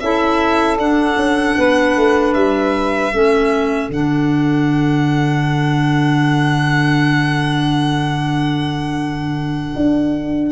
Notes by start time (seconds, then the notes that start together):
0.00 C#4 E4 A4 E5
0.78 D4 F#5
1.17 C#4
1.58 B3 B4
1.96 A3
2.34 G3 E5
3.13 A3 C#4 A4
3.89 D3 D4 F#5
9.76 D4